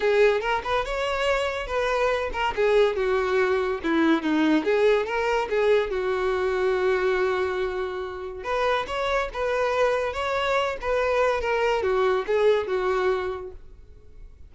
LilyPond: \new Staff \with { instrumentName = "violin" } { \time 4/4 \tempo 4 = 142 gis'4 ais'8 b'8 cis''2 | b'4. ais'8 gis'4 fis'4~ | fis'4 e'4 dis'4 gis'4 | ais'4 gis'4 fis'2~ |
fis'1 | b'4 cis''4 b'2 | cis''4. b'4. ais'4 | fis'4 gis'4 fis'2 | }